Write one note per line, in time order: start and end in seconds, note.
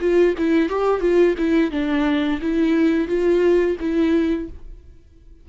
0.00 0.34 F4
0.38 0.69 E4
0.69 1.01 G4
1.01 1.35 F4
1.38 1.71 E4
1.71 2.40 D4
2.41 3.08 E4
3.08 3.76 F4
3.80 4.49 E4